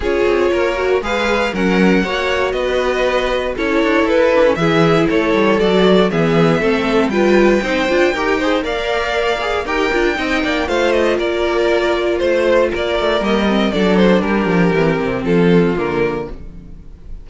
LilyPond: <<
  \new Staff \with { instrumentName = "violin" } { \time 4/4 \tempo 4 = 118 cis''2 f''4 fis''4~ | fis''4 dis''2 cis''4 | b'4 e''4 cis''4 d''4 | e''2 g''2~ |
g''4 f''2 g''4~ | g''4 f''8 dis''8 d''2 | c''4 d''4 dis''4 d''8 c''8 | ais'2 a'4 ais'4 | }
  \new Staff \with { instrumentName = "violin" } { \time 4/4 gis'4 ais'4 b'4 ais'4 | cis''4 b'2 a'4~ | a'4 gis'4 a'2 | gis'4 a'4 b'4 c''4 |
ais'8 c''8 d''2 ais'4 | dis''8 d''8 c''4 ais'2 | c''4 ais'2 a'4 | g'2 f'2 | }
  \new Staff \with { instrumentName = "viola" } { \time 4/4 f'4. fis'8 gis'4 cis'4 | fis'2. e'4~ | e'8 d'16 cis'16 e'2 fis'4 | b4 c'4 f'4 dis'8 f'8 |
g'8 gis'8 ais'4. gis'8 g'8 f'8 | dis'4 f'2.~ | f'2 ais8 c'8 d'4~ | d'4 c'2 ais4 | }
  \new Staff \with { instrumentName = "cello" } { \time 4/4 cis'8 c'8 ais4 gis4 fis4 | ais4 b2 cis'8 d'8 | e'4 e4 a8 g8 fis4 | e4 a4 g4 c'8 d'8 |
dis'4 ais2 dis'8 d'8 | c'8 ais8 a4 ais2 | a4 ais8 a8 g4 fis4 | g8 f8 e8 c8 f4 d4 | }
>>